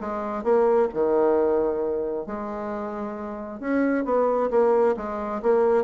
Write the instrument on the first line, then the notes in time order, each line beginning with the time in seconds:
bassoon
0.00 G#3
0.43 A#3
0.93 D#3
2.26 G#3
3.60 C#4
4.05 B3
4.50 A#3
4.97 G#3
5.42 A#3